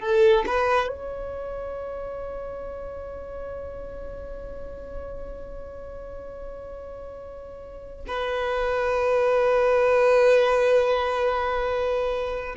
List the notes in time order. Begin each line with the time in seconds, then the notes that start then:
0.00 A4
0.47 B4
0.88 C#5
8.08 B4